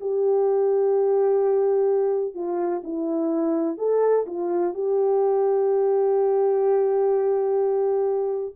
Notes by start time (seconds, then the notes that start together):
0.00 G4
2.34 F4
2.83 E4
3.77 A4
4.26 F4
4.74 G4